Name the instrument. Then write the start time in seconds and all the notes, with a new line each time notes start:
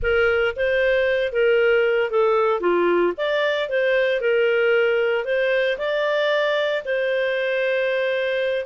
clarinet
0.02 A#4
0.56 C5
1.32 A#4
2.10 A4
2.60 F4
3.17 D5
3.69 C5
4.20 A#4
5.25 C5
5.78 D5
6.84 C5